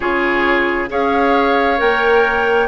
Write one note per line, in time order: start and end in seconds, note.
0.00 0.89 C#3
0.00 0.89 F4
0.00 0.89 G#4
0.00 0.87 C#5
0.89 1.79 C#4
0.89 1.77 G#4
0.89 2.67 C#5
0.89 1.79 F5
1.77 2.67 A#3
1.77 2.67 A#4
1.77 2.67 G5